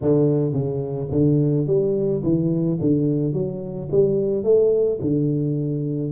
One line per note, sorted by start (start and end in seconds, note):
0.01 0.52 D3
0.52 1.08 C#3
1.11 1.66 D3
1.67 2.22 G3
2.23 2.78 E3
2.81 3.33 D3
3.33 3.88 F#3
3.91 4.43 G3
4.43 4.98 A3
5.01 6.12 D3